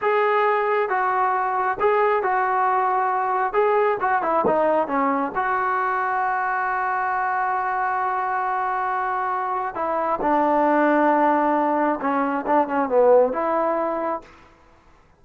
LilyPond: \new Staff \with { instrumentName = "trombone" } { \time 4/4 \tempo 4 = 135 gis'2 fis'2 | gis'4 fis'2. | gis'4 fis'8 e'8 dis'4 cis'4 | fis'1~ |
fis'1~ | fis'2 e'4 d'4~ | d'2. cis'4 | d'8 cis'8 b4 e'2 | }